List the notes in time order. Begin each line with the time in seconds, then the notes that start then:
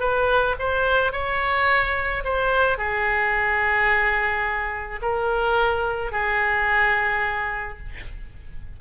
0.00 B4
0.59 C5
1.12 C#5
2.24 C5
2.78 G#4
5.02 A#4
6.12 G#4